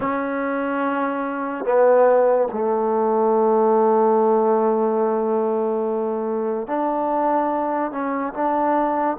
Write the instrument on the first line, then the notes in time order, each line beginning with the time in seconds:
trombone
0.00 C#4
1.64 B3
2.52 A3
6.67 D4
7.91 C#4
8.33 D4